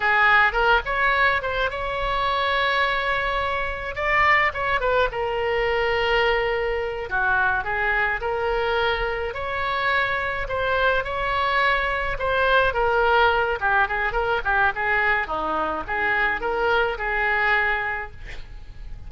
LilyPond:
\new Staff \with { instrumentName = "oboe" } { \time 4/4 \tempo 4 = 106 gis'4 ais'8 cis''4 c''8 cis''4~ | cis''2. d''4 | cis''8 b'8 ais'2.~ | ais'8 fis'4 gis'4 ais'4.~ |
ais'8 cis''2 c''4 cis''8~ | cis''4. c''4 ais'4. | g'8 gis'8 ais'8 g'8 gis'4 dis'4 | gis'4 ais'4 gis'2 | }